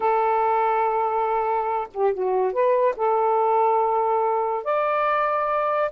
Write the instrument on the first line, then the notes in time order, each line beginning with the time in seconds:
saxophone
0.00 A4
1.93 G4
2.13 F#4
2.52 B4
2.96 A4
4.64 D5